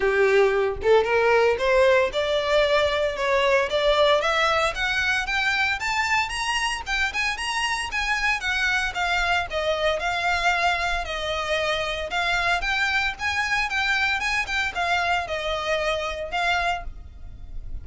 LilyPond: \new Staff \with { instrumentName = "violin" } { \time 4/4 \tempo 4 = 114 g'4. a'8 ais'4 c''4 | d''2 cis''4 d''4 | e''4 fis''4 g''4 a''4 | ais''4 g''8 gis''8 ais''4 gis''4 |
fis''4 f''4 dis''4 f''4~ | f''4 dis''2 f''4 | g''4 gis''4 g''4 gis''8 g''8 | f''4 dis''2 f''4 | }